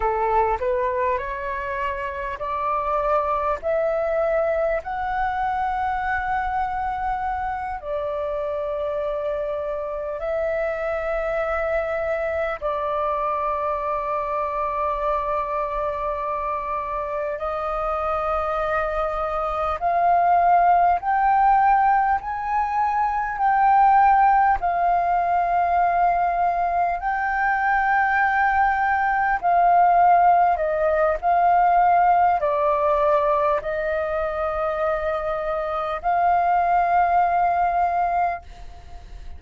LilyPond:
\new Staff \with { instrumentName = "flute" } { \time 4/4 \tempo 4 = 50 a'8 b'8 cis''4 d''4 e''4 | fis''2~ fis''8 d''4.~ | d''8 e''2 d''4.~ | d''2~ d''8 dis''4.~ |
dis''8 f''4 g''4 gis''4 g''8~ | g''8 f''2 g''4.~ | g''8 f''4 dis''8 f''4 d''4 | dis''2 f''2 | }